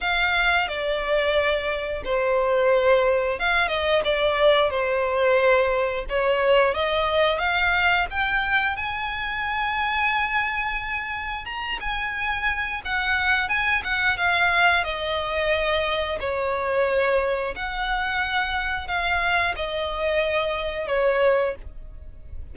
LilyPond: \new Staff \with { instrumentName = "violin" } { \time 4/4 \tempo 4 = 89 f''4 d''2 c''4~ | c''4 f''8 dis''8 d''4 c''4~ | c''4 cis''4 dis''4 f''4 | g''4 gis''2.~ |
gis''4 ais''8 gis''4. fis''4 | gis''8 fis''8 f''4 dis''2 | cis''2 fis''2 | f''4 dis''2 cis''4 | }